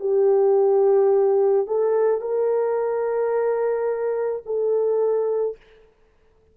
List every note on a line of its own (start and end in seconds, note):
0.00 1.66 G4
1.66 2.20 A4
2.20 4.42 A#4
4.45 5.56 A4